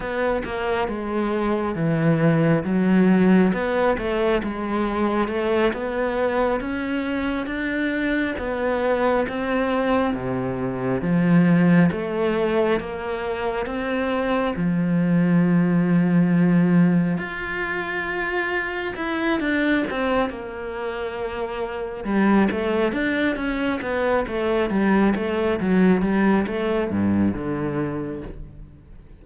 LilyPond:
\new Staff \with { instrumentName = "cello" } { \time 4/4 \tempo 4 = 68 b8 ais8 gis4 e4 fis4 | b8 a8 gis4 a8 b4 cis'8~ | cis'8 d'4 b4 c'4 c8~ | c8 f4 a4 ais4 c'8~ |
c'8 f2. f'8~ | f'4. e'8 d'8 c'8 ais4~ | ais4 g8 a8 d'8 cis'8 b8 a8 | g8 a8 fis8 g8 a8 g,8 d4 | }